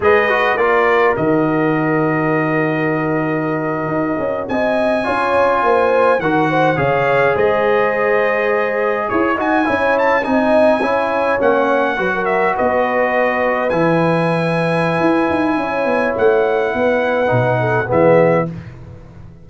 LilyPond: <<
  \new Staff \with { instrumentName = "trumpet" } { \time 4/4 \tempo 4 = 104 dis''4 d''4 dis''2~ | dis''2.~ dis''8. gis''16~ | gis''2~ gis''8. fis''4 f''16~ | f''8. dis''2. cis''16~ |
cis''16 gis''4 a''8 gis''2 fis''16~ | fis''4~ fis''16 e''8 dis''2 gis''16~ | gis''1 | fis''2. e''4 | }
  \new Staff \with { instrumentName = "horn" } { \time 4/4 b'4 ais'2.~ | ais'2.~ ais'8. dis''16~ | dis''8. cis''4 c''4 ais'8 c''8 cis''16~ | cis''8. c''2. cis''16~ |
cis''16 dis''8 cis''4 dis''4 cis''4~ cis''16~ | cis''8. b'16 ais'8. b'2~ b'16~ | b'2. cis''4~ | cis''4 b'4. a'8 gis'4 | }
  \new Staff \with { instrumentName = "trombone" } { \time 4/4 gis'8 fis'8 f'4 fis'2~ | fis'1~ | fis'8. f'2 fis'4 gis'16~ | gis'1~ |
gis'16 fis'8 e'4 dis'4 e'4 cis'16~ | cis'8. fis'2. e'16~ | e'1~ | e'2 dis'4 b4 | }
  \new Staff \with { instrumentName = "tuba" } { \time 4/4 gis4 ais4 dis2~ | dis2~ dis8. dis'8 cis'8 c'16~ | c'8. cis'4 ais4 dis4 cis16~ | cis8. gis2. e'16~ |
e'16 dis'8 cis'4 c'4 cis'4 ais16~ | ais8. fis4 b2 e16~ | e2 e'8 dis'8 cis'8 b8 | a4 b4 b,4 e4 | }
>>